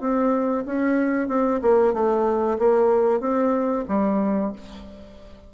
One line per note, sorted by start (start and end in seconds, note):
0.00 0.65 C4
0.66 1.28 C#4
1.28 1.61 C4
1.62 1.94 A#3
1.94 2.58 A3
2.58 3.20 A#3
3.20 3.85 C4
3.88 4.52 G3